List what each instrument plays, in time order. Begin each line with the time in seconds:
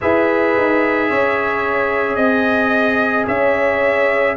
0.01 tuba E4, trombone G#4, horn B4, trumpet E5
0.57 tuba D#4
1.09 tuba C#4, horn C#5
2.15 tuba C4, trumpet D#5, horn D#5
3.27 tuba C#4, horn C#5, trumpet E5